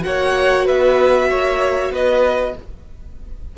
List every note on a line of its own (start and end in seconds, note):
0.00 0.69 A#3
0.00 2.53 F#4
0.00 0.67 F#5
0.06 0.66 C#5
0.66 1.31 B3
0.66 1.29 B4
0.66 1.94 E5
1.30 1.90 A#3
1.30 1.92 C#5
1.90 2.53 B3
1.90 2.55 B4
1.90 2.57 D#5